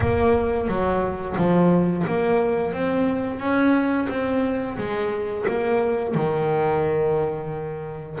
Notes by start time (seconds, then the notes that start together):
0.00 A#3
0.68 F#3
1.37 F3
2.06 A#3
2.72 C4
3.39 C#4
4.09 C4
4.77 G#3
5.47 A#3
6.14 D#3